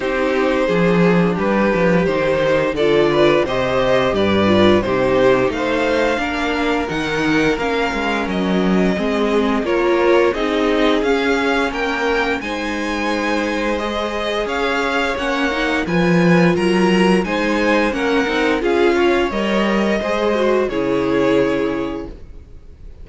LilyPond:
<<
  \new Staff \with { instrumentName = "violin" } { \time 4/4 \tempo 4 = 87 c''2 b'4 c''4 | d''4 dis''4 d''4 c''4 | f''2 fis''4 f''4 | dis''2 cis''4 dis''4 |
f''4 g''4 gis''2 | dis''4 f''4 fis''4 gis''4 | ais''4 gis''4 fis''4 f''4 | dis''2 cis''2 | }
  \new Staff \with { instrumentName = "violin" } { \time 4/4 g'4 gis'4 g'2 | a'8 b'8 c''4 b'4 g'4 | c''4 ais'2.~ | ais'4 gis'4 ais'4 gis'4~ |
gis'4 ais'4 c''2~ | c''4 cis''2 b'4 | ais'4 c''4 ais'4 gis'8 cis''8~ | cis''4 c''4 gis'2 | }
  \new Staff \with { instrumentName = "viola" } { \time 4/4 dis'4 d'2 dis'4 | f'4 g'4. f'8 dis'4~ | dis'4 d'4 dis'4 cis'4~ | cis'4 c'4 f'4 dis'4 |
cis'2 dis'2 | gis'2 cis'8 dis'8 f'4~ | f'4 dis'4 cis'8 dis'8 f'4 | ais'4 gis'8 fis'8 e'2 | }
  \new Staff \with { instrumentName = "cello" } { \time 4/4 c'4 f4 g8 f8 dis4 | d4 c4 g,4 c4 | a4 ais4 dis4 ais8 gis8 | fis4 gis4 ais4 c'4 |
cis'4 ais4 gis2~ | gis4 cis'4 ais4 f4 | fis4 gis4 ais8 c'8 cis'4 | g4 gis4 cis2 | }
>>